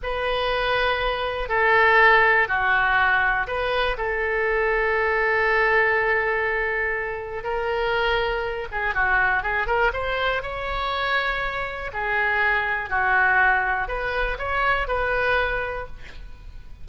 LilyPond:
\new Staff \with { instrumentName = "oboe" } { \time 4/4 \tempo 4 = 121 b'2. a'4~ | a'4 fis'2 b'4 | a'1~ | a'2. ais'4~ |
ais'4. gis'8 fis'4 gis'8 ais'8 | c''4 cis''2. | gis'2 fis'2 | b'4 cis''4 b'2 | }